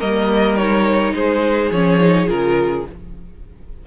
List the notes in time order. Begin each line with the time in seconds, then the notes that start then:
0.00 G3 A#3 A#4 D#5
0.57 D#4 C#5
1.13 G#3 G#4 C5
1.71 F3 C#4 C#5
2.00 D#4
2.27 C#3 F4 A#4